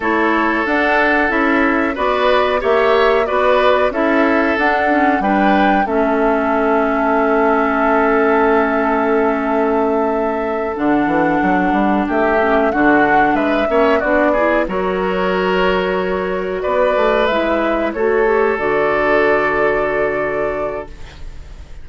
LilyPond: <<
  \new Staff \with { instrumentName = "flute" } { \time 4/4 \tempo 4 = 92 cis''4 fis''4 e''4 d''4 | e''4 d''4 e''4 fis''4 | g''4 e''2.~ | e''1~ |
e''8 fis''2 e''4 fis''8~ | fis''8 e''4 d''4 cis''4.~ | cis''4. d''4 e''4 cis''8~ | cis''8 d''2.~ d''8 | }
  \new Staff \with { instrumentName = "oboe" } { \time 4/4 a'2. b'4 | cis''4 b'4 a'2 | b'4 a'2.~ | a'1~ |
a'2~ a'8 g'4 fis'8~ | fis'8 b'8 cis''8 fis'8 gis'8 ais'4.~ | ais'4. b'2 a'8~ | a'1 | }
  \new Staff \with { instrumentName = "clarinet" } { \time 4/4 e'4 d'4 e'4 fis'4 | g'4 fis'4 e'4 d'8 cis'8 | d'4 cis'2.~ | cis'1~ |
cis'8 d'2~ d'8 cis'8 d'8~ | d'4 cis'8 d'8 e'8 fis'4.~ | fis'2~ fis'8 e'4 fis'8 | g'8 fis'2.~ fis'8 | }
  \new Staff \with { instrumentName = "bassoon" } { \time 4/4 a4 d'4 cis'4 b4 | ais4 b4 cis'4 d'4 | g4 a2.~ | a1~ |
a8 d8 e8 fis8 g8 a4 d8~ | d8 gis8 ais8 b4 fis4.~ | fis4. b8 a8 gis4 a8~ | a8 d2.~ d8 | }
>>